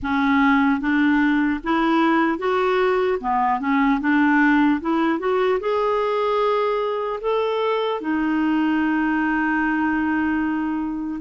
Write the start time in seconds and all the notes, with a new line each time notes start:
0.02 C#4
0.80 D4
1.63 E4
2.38 F#4
3.20 B3
3.60 C#4
4.00 D4
4.80 E4
5.19 F#4
5.60 G#4
7.20 A4
8.00 D#4